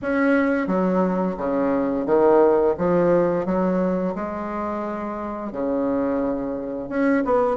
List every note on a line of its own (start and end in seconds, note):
0.02 0.67 C#4
0.67 1.36 F#3
1.37 2.06 C#3
2.06 2.75 D#3
2.77 3.45 F3
3.45 4.14 F#3
4.15 5.52 G#3
5.52 6.89 C#3
6.89 7.23 C#4
7.24 7.56 B3